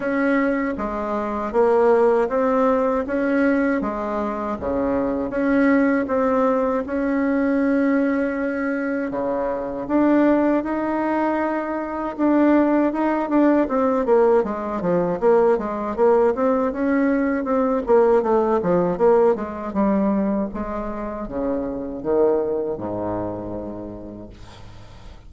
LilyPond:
\new Staff \with { instrumentName = "bassoon" } { \time 4/4 \tempo 4 = 79 cis'4 gis4 ais4 c'4 | cis'4 gis4 cis4 cis'4 | c'4 cis'2. | cis4 d'4 dis'2 |
d'4 dis'8 d'8 c'8 ais8 gis8 f8 | ais8 gis8 ais8 c'8 cis'4 c'8 ais8 | a8 f8 ais8 gis8 g4 gis4 | cis4 dis4 gis,2 | }